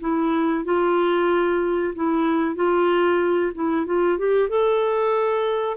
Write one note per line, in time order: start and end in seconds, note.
0.00 0.65 E4
0.65 1.94 F4
1.94 2.55 E4
2.55 3.52 F4
3.54 3.86 E4
3.86 4.18 F4
4.18 4.49 G4
4.49 5.77 A4